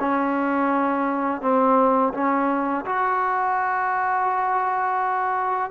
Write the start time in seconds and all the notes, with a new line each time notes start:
0.00 C#4
1.42 C4
2.14 C#4
2.86 F#4